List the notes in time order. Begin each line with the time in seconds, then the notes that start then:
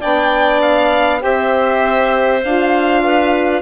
0.00 B3 D4 D5 G5
0.61 F5
1.20 C4 G4 C5 E5
2.44 D4 F4 F5
3.03 B4